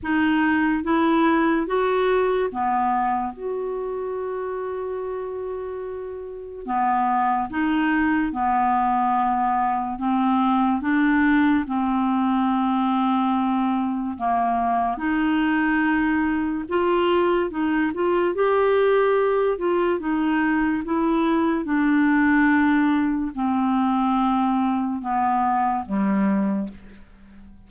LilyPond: \new Staff \with { instrumentName = "clarinet" } { \time 4/4 \tempo 4 = 72 dis'4 e'4 fis'4 b4 | fis'1 | b4 dis'4 b2 | c'4 d'4 c'2~ |
c'4 ais4 dis'2 | f'4 dis'8 f'8 g'4. f'8 | dis'4 e'4 d'2 | c'2 b4 g4 | }